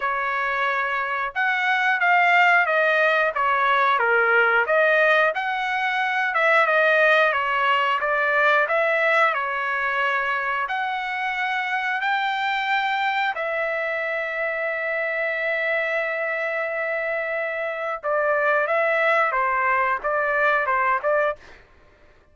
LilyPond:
\new Staff \with { instrumentName = "trumpet" } { \time 4/4 \tempo 4 = 90 cis''2 fis''4 f''4 | dis''4 cis''4 ais'4 dis''4 | fis''4. e''8 dis''4 cis''4 | d''4 e''4 cis''2 |
fis''2 g''2 | e''1~ | e''2. d''4 | e''4 c''4 d''4 c''8 d''8 | }